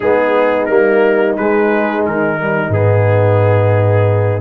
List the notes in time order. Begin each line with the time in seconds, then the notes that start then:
0.00 G#3 B3 D#4 G#4
0.65 G3 A#3 A#4
1.36 G#3 B4
2.05 D#3 A#4
2.39 G3
2.69 G#2 B3 G#4